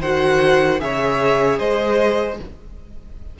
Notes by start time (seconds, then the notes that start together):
0.00 D#3 F#4 C5 F#5
0.79 C#3 G#4 C#5 E5
1.58 G#3 C5 D#5